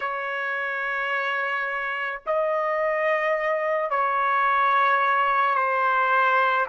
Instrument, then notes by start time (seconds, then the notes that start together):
trumpet
0.00 C#5
2.26 D#5
3.90 C#5
5.55 C5